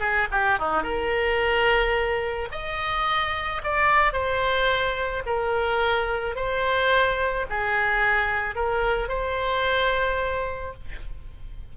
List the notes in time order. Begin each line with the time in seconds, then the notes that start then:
0.00 G#4
0.31 G4
0.59 D#4
0.83 A#4
2.52 D#5
3.64 D5
4.13 C5
5.26 A#4
6.36 C5
7.50 G#4
8.55 A#4
9.09 C5